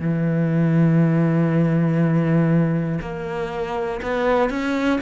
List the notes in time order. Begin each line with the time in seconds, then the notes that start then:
0.00 E3
3.01 A#3
4.02 B3
4.50 C#4